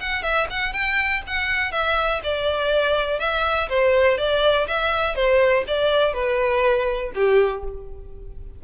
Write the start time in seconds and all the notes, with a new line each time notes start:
0.00 F#5
0.22 E5
0.50 F#5
0.73 G5
1.27 F#5
1.71 E5
2.23 D5
3.19 E5
3.69 C5
4.18 D5
4.67 E5
5.15 C5
5.67 D5
6.13 B4
7.14 G4